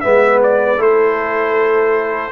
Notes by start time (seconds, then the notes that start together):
0.00 G#3 B3 B4 E5
0.43 D5
0.77 A3 E4 A4 C5